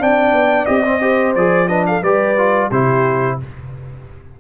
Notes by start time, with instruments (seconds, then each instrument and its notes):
0.00 tuba C4, trombone D4, horn D5, trumpet G5
0.32 tuba B3
0.66 tuba C4, trombone G4, trumpet D#5
0.85 trombone C4
1.01 trombone G4, horn C5
1.35 tuba F3, trombone G#4, trumpet D5
1.68 trombone D4, horn B4, trumpet D#5
1.87 horn A4, trumpet F5
2.02 tuba G3, trombone G4, horn B4, trumpet D5
2.37 trombone F4
2.69 tuba C3, trombone E4, horn G4, trumpet C5